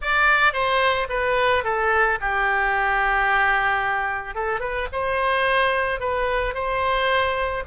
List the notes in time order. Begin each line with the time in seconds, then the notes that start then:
0.01 D5
0.53 C5
1.09 B4
1.64 A4
2.20 G4
4.35 A4
4.60 B4
4.92 C5
6.00 B4
6.54 C5